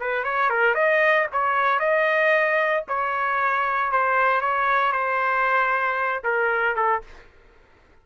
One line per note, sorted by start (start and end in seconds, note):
0.00 0.24 B4
0.24 0.50 C#5
0.50 0.75 A#4
0.75 1.27 D#5
1.32 1.79 C#5
1.79 2.84 D#5
2.88 3.92 C#5
3.92 4.41 C5
4.41 4.92 C#5
4.92 6.23 C5
6.24 6.76 A#4
6.76 7.02 A4